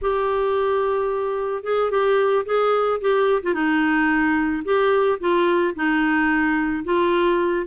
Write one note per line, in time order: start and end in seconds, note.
0.01 1.63 G4
1.63 1.90 G#4
1.90 2.45 G4
2.45 3.00 G#4
3.00 3.41 G4
3.42 3.54 F4
3.54 4.63 D#4
4.64 5.18 G4
5.20 5.74 F4
5.75 6.84 D#4
6.84 7.66 F4